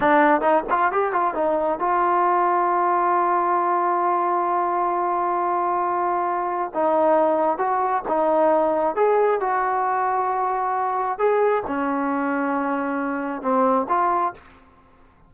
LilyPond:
\new Staff \with { instrumentName = "trombone" } { \time 4/4 \tempo 4 = 134 d'4 dis'8 f'8 g'8 f'8 dis'4 | f'1~ | f'1~ | f'2. dis'4~ |
dis'4 fis'4 dis'2 | gis'4 fis'2.~ | fis'4 gis'4 cis'2~ | cis'2 c'4 f'4 | }